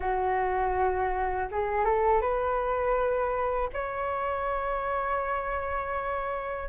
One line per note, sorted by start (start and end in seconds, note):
0.00 1.48 F#4
1.51 1.84 G#4
1.84 2.21 A4
2.21 3.69 B4
3.73 6.69 C#5